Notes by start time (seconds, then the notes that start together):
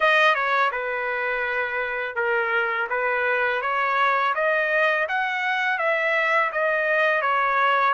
0.00 D#5
0.34 C#5
0.71 B4
2.15 A#4
2.89 B4
3.61 C#5
4.34 D#5
5.08 F#5
5.78 E5
6.52 D#5
7.21 C#5